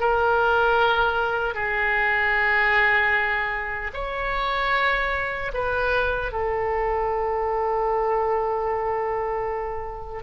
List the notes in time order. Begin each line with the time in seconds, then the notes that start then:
0.00 A#4
1.54 G#4
3.94 C#5
5.54 B4
6.32 A4